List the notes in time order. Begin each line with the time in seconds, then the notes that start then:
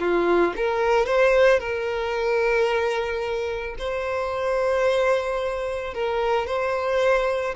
0.00 F4
0.57 A#4
1.06 C5
1.60 A#4
3.79 C5
5.94 A#4
6.47 C5